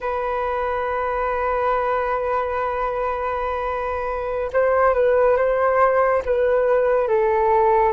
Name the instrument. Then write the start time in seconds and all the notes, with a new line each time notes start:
flute
0.00 B4
4.52 C5
4.94 B4
5.36 C5
6.25 B4
7.08 A4